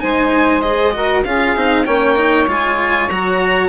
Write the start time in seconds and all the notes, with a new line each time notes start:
0.00 G#3 D#4 C5 G#5
0.61 G#4 D#5
0.93 F#4 A#4
1.24 C#4 F4 G#4 F5
1.56 C4 D#4
1.85 A#3 C#4 C#5 G5
2.16 D#4
2.47 G#3 F4 G#5
3.09 F#3 F#4 A#5